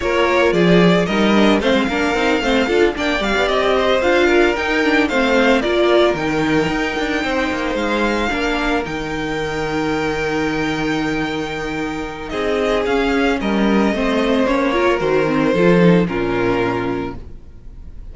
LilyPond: <<
  \new Staff \with { instrumentName = "violin" } { \time 4/4 \tempo 4 = 112 cis''4 d''4 dis''4 f''4~ | f''4. g''8 f''8 dis''4 f''8~ | f''8 g''4 f''4 d''4 g''8~ | g''2~ g''8 f''4.~ |
f''8 g''2.~ g''8~ | g''2. dis''4 | f''4 dis''2 cis''4 | c''2 ais'2 | }
  \new Staff \with { instrumentName = "violin" } { \time 4/4 ais'4 gis'4 ais'4 c''8 ais'8~ | ais'8 c''8 a'8 d''4. c''4 | ais'4. c''4 ais'4.~ | ais'4. c''2 ais'8~ |
ais'1~ | ais'2. gis'4~ | gis'4 ais'4 c''4. ais'8~ | ais'4 a'4 f'2 | }
  \new Staff \with { instrumentName = "viola" } { \time 4/4 f'2 dis'8 d'8 c'8 d'8 | dis'8 c'8 f'8 d'8 g'4. f'8~ | f'8 dis'8 d'8 c'4 f'4 dis'8~ | dis'2.~ dis'8 d'8~ |
d'8 dis'2.~ dis'8~ | dis'1 | cis'2 c'4 cis'8 f'8 | fis'8 c'8 f'8 dis'8 cis'2 | }
  \new Staff \with { instrumentName = "cello" } { \time 4/4 ais4 f4 g4 a16 gis16 ais8 | c'8 a8 d'8 ais8 g16 b16 c'4 d'8~ | d'8 dis'4 a4 ais4 dis8~ | dis8 dis'8 d'8 c'8 ais8 gis4 ais8~ |
ais8 dis2.~ dis8~ | dis2. c'4 | cis'4 g4 a4 ais4 | dis4 f4 ais,2 | }
>>